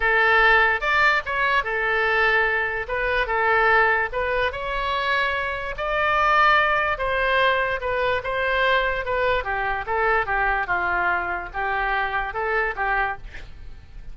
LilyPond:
\new Staff \with { instrumentName = "oboe" } { \time 4/4 \tempo 4 = 146 a'2 d''4 cis''4 | a'2. b'4 | a'2 b'4 cis''4~ | cis''2 d''2~ |
d''4 c''2 b'4 | c''2 b'4 g'4 | a'4 g'4 f'2 | g'2 a'4 g'4 | }